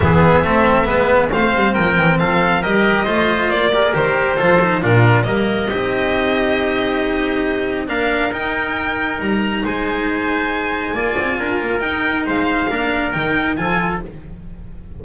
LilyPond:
<<
  \new Staff \with { instrumentName = "violin" } { \time 4/4 \tempo 4 = 137 e''2. f''4 | g''4 f''4 dis''2 | d''4 c''2 ais'4 | dis''1~ |
dis''2 f''4 g''4~ | g''4 ais''4 gis''2~ | gis''2. g''4 | f''2 g''4 gis''4 | }
  \new Staff \with { instrumentName = "trumpet" } { \time 4/4 gis'4 a'4 b'4 c''4 | ais'4 a'4 ais'4 c''4~ | c''8 ais'4. a'4 f'4 | ais'4 g'2.~ |
g'2 ais'2~ | ais'2 c''2~ | c''4 d''4 ais'2 | c''4 ais'2 a'4 | }
  \new Staff \with { instrumentName = "cello" } { \time 4/4 b4 c'4 b4 c'4~ | c'2 g'4 f'4~ | f'8 g'16 gis'16 g'4 f'8 dis'8 d'4 | ais4 dis'2.~ |
dis'2 d'4 dis'4~ | dis'1~ | dis'4 f'2 dis'4~ | dis'4 d'4 dis'4 f'4 | }
  \new Staff \with { instrumentName = "double bass" } { \time 4/4 e4 a4 gis4 a8 g8 | f8 e8 f4 g4 a4 | ais4 dis4 f4 ais,4 | g4 c'2.~ |
c'2 ais4 dis'4~ | dis'4 g4 gis2~ | gis4 ais8 c'8 d'8 ais8 dis'4 | gis4 ais4 dis4 f4 | }
>>